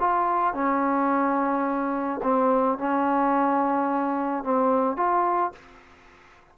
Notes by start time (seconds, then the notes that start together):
0.00 F4
0.54 C#4
2.23 C4
2.78 C#4
4.44 C4
4.97 F4